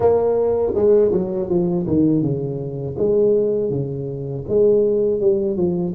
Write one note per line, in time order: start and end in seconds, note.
0.00 0.73 A#3
0.74 1.11 G#3
1.11 1.48 F#3
1.48 1.86 F3
1.87 2.22 D#3
2.22 2.96 C#3
2.98 3.70 G#3
3.70 4.44 C#3
4.48 5.20 G#3
5.20 5.56 G3
5.56 5.93 F3